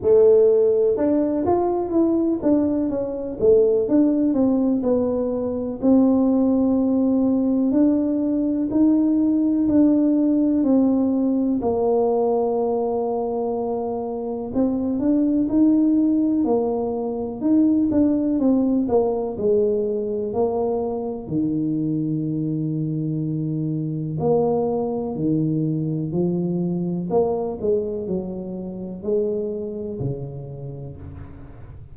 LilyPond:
\new Staff \with { instrumentName = "tuba" } { \time 4/4 \tempo 4 = 62 a4 d'8 f'8 e'8 d'8 cis'8 a8 | d'8 c'8 b4 c'2 | d'4 dis'4 d'4 c'4 | ais2. c'8 d'8 |
dis'4 ais4 dis'8 d'8 c'8 ais8 | gis4 ais4 dis2~ | dis4 ais4 dis4 f4 | ais8 gis8 fis4 gis4 cis4 | }